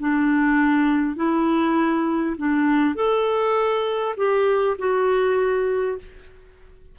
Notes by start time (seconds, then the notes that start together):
0.00 D4
1.17 E4
2.37 D4
2.96 A4
4.17 G4
4.79 F#4